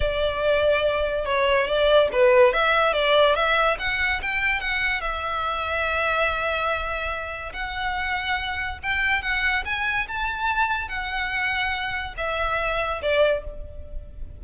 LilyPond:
\new Staff \with { instrumentName = "violin" } { \time 4/4 \tempo 4 = 143 d''2. cis''4 | d''4 b'4 e''4 d''4 | e''4 fis''4 g''4 fis''4 | e''1~ |
e''2 fis''2~ | fis''4 g''4 fis''4 gis''4 | a''2 fis''2~ | fis''4 e''2 d''4 | }